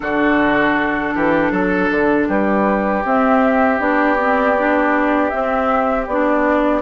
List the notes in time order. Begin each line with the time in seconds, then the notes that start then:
0.00 D3 D4 F#4 A4
1.14 E3 G4
1.51 F#3 A4
1.90 D3
2.28 G3 G4 B4
3.03 C4 E5
3.78 B3 D4 D5
4.18 C4
4.57 D4
5.29 C4 E5
6.07 B3 D4 D5